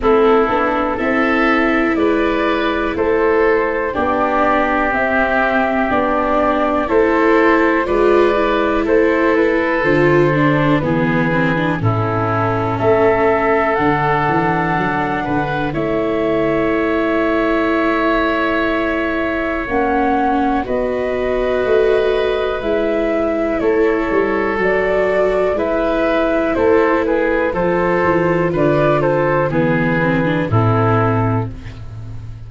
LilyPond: <<
  \new Staff \with { instrumentName = "flute" } { \time 4/4 \tempo 4 = 61 a'4 e''4 d''4 c''4 | d''4 e''4 d''4 c''4 | d''4 c''8 b'8 c''4 b'4 | a'4 e''4 fis''2 |
e''1 | fis''4 dis''2 e''4 | cis''4 d''4 e''4 c''8 b'8 | c''4 d''8 c''8 b'4 a'4 | }
  \new Staff \with { instrumentName = "oboe" } { \time 4/4 e'4 a'4 b'4 a'4 | g'2. a'4 | b'4 a'2 gis'4 | e'4 a'2~ a'8 b'8 |
cis''1~ | cis''4 b'2. | a'2 b'4 a'8 gis'8 | a'4 b'8 a'8 gis'4 e'4 | }
  \new Staff \with { instrumentName = "viola" } { \time 4/4 c'8 d'8 e'2. | d'4 c'4 d'4 e'4 | f'8 e'4. f'8 d'8 b8 c'16 d'16 | cis'2 d'2 |
e'1 | cis'4 fis'2 e'4~ | e'4 fis'4 e'2 | f'2 b8 c'16 d'16 c'4 | }
  \new Staff \with { instrumentName = "tuba" } { \time 4/4 a8 b8 c'4 gis4 a4 | b4 c'4 b4 a4 | gis4 a4 d4 e4 | a,4 a4 d8 e8 fis8 d8 |
a1 | ais4 b4 a4 gis4 | a8 g8 fis4 gis4 a4 | f8 e8 d4 e4 a,4 | }
>>